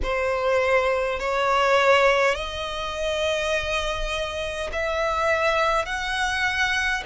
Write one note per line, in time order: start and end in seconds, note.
0.02 1.19 C5
1.19 2.35 C#5
2.35 4.70 D#5
4.72 5.85 E5
5.85 7.03 F#5